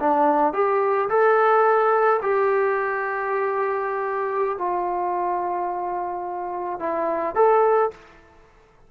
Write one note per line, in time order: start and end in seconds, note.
0.00 0.54 D4
0.54 1.09 G4
1.10 2.21 A4
2.22 4.59 G4
4.59 6.80 F4
6.80 7.36 E4
7.36 7.91 A4